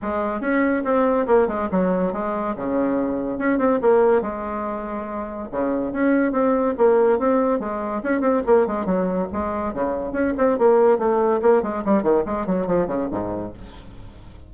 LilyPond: \new Staff \with { instrumentName = "bassoon" } { \time 4/4 \tempo 4 = 142 gis4 cis'4 c'4 ais8 gis8 | fis4 gis4 cis2 | cis'8 c'8 ais4 gis2~ | gis4 cis4 cis'4 c'4 |
ais4 c'4 gis4 cis'8 c'8 | ais8 gis8 fis4 gis4 cis4 | cis'8 c'8 ais4 a4 ais8 gis8 | g8 dis8 gis8 fis8 f8 cis8 gis,4 | }